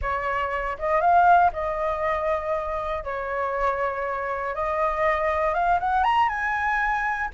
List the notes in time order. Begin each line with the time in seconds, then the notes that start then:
0.01 C#5
0.78 D#5
1.00 F5
1.52 D#5
3.04 C#5
4.54 D#5
5.54 F5
5.80 F#5
6.03 A#5
6.28 G#5